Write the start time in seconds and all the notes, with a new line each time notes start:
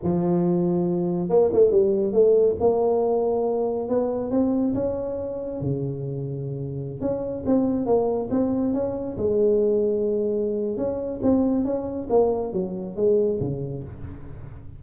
0.02 F3
1.29 A#3
1.52 A3
1.71 G3
2.12 A3
2.60 A#3
3.88 B3
4.30 C4
4.74 C#4
5.60 C#3
7.00 C#4
7.46 C4
7.86 A#3
8.30 C4
8.73 C#4
9.17 G#3
10.77 C#4
11.22 C4
11.64 C#4
12.09 A#3
12.52 F#3
12.96 G#3
13.39 C#3